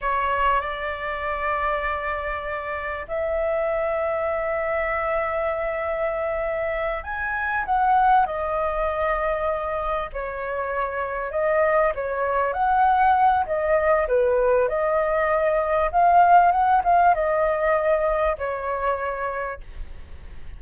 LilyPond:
\new Staff \with { instrumentName = "flute" } { \time 4/4 \tempo 4 = 98 cis''4 d''2.~ | d''4 e''2.~ | e''2.~ e''8 gis''8~ | gis''8 fis''4 dis''2~ dis''8~ |
dis''8 cis''2 dis''4 cis''8~ | cis''8 fis''4. dis''4 b'4 | dis''2 f''4 fis''8 f''8 | dis''2 cis''2 | }